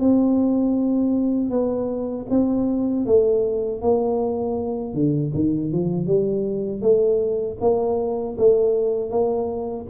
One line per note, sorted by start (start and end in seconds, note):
0.00 1.51 C4
1.51 2.26 B3
2.30 3.06 C4
3.06 3.82 A3
3.82 4.94 A#3
4.94 5.32 D3
5.35 5.73 D#3
5.73 6.07 F3
6.07 6.82 G3
6.82 7.58 A3
7.61 8.37 A#3
8.38 9.10 A3
9.10 9.86 A#3